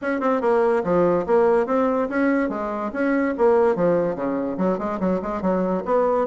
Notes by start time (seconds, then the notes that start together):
0.01 C#4
0.20 C4
0.41 A#3
0.84 F3
1.26 A#3
1.66 C4
2.09 C#4
2.49 G#3
2.92 C#4
3.37 A#3
3.75 F3
4.15 C#3
4.57 F#3
4.78 G#3
4.99 F#3
5.22 G#3
5.41 F#3
5.85 B3